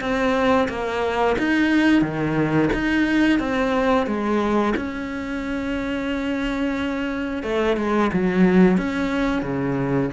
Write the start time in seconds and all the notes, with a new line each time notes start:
0.00 C4
0.68 A#3
1.38 D#4
2.01 D#3
2.73 D#4
3.39 C4
4.06 G#3
4.76 C#4
7.43 A3
7.76 G#3
8.12 F#3
8.77 C#4
9.42 C#3